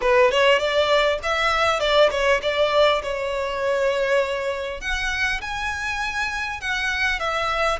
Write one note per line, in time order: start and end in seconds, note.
0.01 0.31 B4
0.31 0.58 C#5
0.58 1.18 D5
1.22 1.79 E5
1.79 2.09 D5
2.11 2.41 C#5
2.42 3.02 D5
3.02 4.80 C#5
4.80 5.40 F#5
5.41 6.61 G#5
6.61 7.19 F#5
7.19 7.79 E5